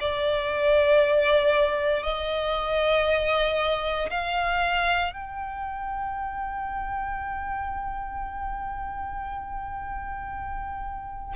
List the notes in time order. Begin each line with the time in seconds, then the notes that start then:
0.00 D5
2.03 D#5
4.11 F5
5.13 G5